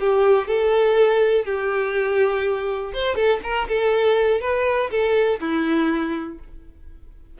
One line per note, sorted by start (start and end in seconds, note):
0.00 0.47 G4
0.47 1.45 A4
1.45 2.93 G4
2.94 3.15 C5
3.15 3.40 A4
3.43 3.68 A#4
3.68 4.41 A4
4.41 4.90 B4
4.90 5.40 A4
5.40 6.38 E4